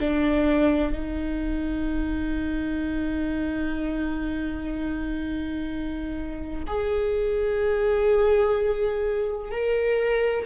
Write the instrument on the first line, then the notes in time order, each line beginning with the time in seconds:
viola
0.00 D4
0.92 D#4
6.67 G#4
9.51 A#4